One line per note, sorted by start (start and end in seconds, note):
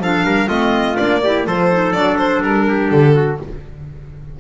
0.00 0.24 F3
0.00 0.48 D4
0.00 0.26 A4
0.00 0.49 F5
0.24 0.48 G3
0.24 0.49 A#4
0.48 0.97 A3
0.48 0.97 C4
0.48 1.21 F4
0.48 0.97 D#5
0.97 1.47 A#3
0.97 1.21 D4
0.97 1.46 D5
1.24 1.47 E4
1.24 1.47 G4
1.47 1.95 F3
1.47 1.71 F4
1.47 2.68 A4
1.47 1.93 C5
1.72 1.95 D#4
1.93 2.43 F#3
1.93 3.40 D4
1.93 2.17 D5
2.19 2.43 C5
2.43 2.91 G3
2.43 2.91 A#4
2.68 3.15 G4
2.91 3.40 D3
2.91 3.39 A4
3.15 3.40 F#4